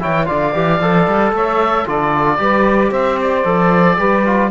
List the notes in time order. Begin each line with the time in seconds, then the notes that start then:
0.00 E3 E4 C#5 G5
0.26 D3 F4 D5 F5
0.53 E3 G4
0.81 F3 A4
1.07 G3
1.32 A3 C#5 E5
1.86 D3 F4 A4 D5
2.38 G3 G4 B4
2.91 C4 C5 E5
3.22 D5
3.44 F3 A4
3.98 G3 G4 B4
4.26 F4